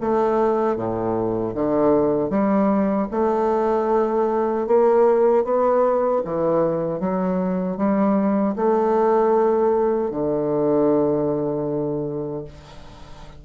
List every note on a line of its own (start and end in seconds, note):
0.00 0.76 A3
0.76 1.54 A2
1.54 2.30 D3
2.30 3.07 G3
3.11 4.67 A3
4.67 5.44 A#3
5.44 6.22 B3
6.24 7.00 E3
7.00 7.77 F#3
7.77 8.55 G3
8.55 10.11 A3
10.11 12.44 D3